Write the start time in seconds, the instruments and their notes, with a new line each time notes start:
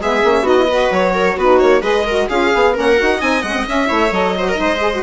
0.00 bassoon G#3, saxophone B3, viola G#4, violin E5
0.23 bassoon A#3, saxophone C#4
0.42 bassoon B3, saxophone D#4, viola F#4, violin D#5
0.56 saxophone E4
0.67 saxophone F#4, viola B4
0.91 bassoon F#3, violin C#5
1.14 viola A#4
1.36 bassoon B3, saxophone D#4, viola F#4, violin B4
1.59 bassoon A#3, violin C#5
1.81 bassoon G#3, saxophone G#4, viola B4, violin D#5
2.05 saxophone F#4, viola A#4
2.28 bassoon C#4, saxophone F4, viola G#4, violin F5
2.51 bassoon B3, saxophone G#4
2.73 bassoon A#3, saxophone C#4, viola A#4
2.79 violin F#5
2.97 bassoon D#4, saxophone F#4
3.18 bassoon C4, saxophone D#4, viola D#5, violin G#5
3.42 bassoon G#3, saxophone C#4, violin F#5
3.54 saxophone C4
3.67 saxophone C#4, bassoon C#4, violin E5
3.86 bassoon A3, saxophone E4, viola C#5
4.11 bassoon F#3, saxophone A4, violin D#5
4.36 saxophone F#4, viola C5
4.48 saxophone D#4, viola A#4
4.59 bassoon G#3, viola C5
4.81 saxophone G#4
4.93 saxophone F#4